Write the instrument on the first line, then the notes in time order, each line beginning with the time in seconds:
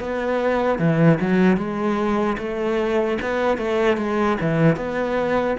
cello
0.00 B3
0.79 E3
1.21 F#3
1.57 G#3
2.39 A3
3.22 B3
3.58 A3
3.98 G#3
4.41 E3
4.77 B3